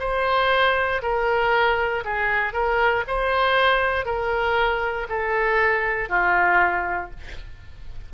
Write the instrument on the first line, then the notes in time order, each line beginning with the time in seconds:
oboe
0.00 C5
1.02 A#4
2.05 G#4
2.53 A#4
3.07 C5
4.06 A#4
5.09 A4
6.09 F4